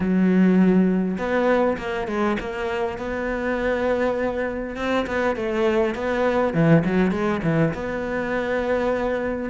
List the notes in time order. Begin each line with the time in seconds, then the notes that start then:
0.00 F#3
1.17 B3
1.77 A#3
2.07 G#3
2.40 A#3
2.98 B3
4.76 C4
5.07 B3
5.36 A3
5.95 B3
6.53 E3
6.85 F#3
7.11 G#3
7.43 E3
7.73 B3